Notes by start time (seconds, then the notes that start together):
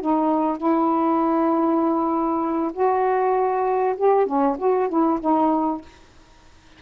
0.00 D#4
0.57 E4
2.72 F#4
3.97 G4
4.26 C#4
4.58 F#4
4.88 E4
5.20 D#4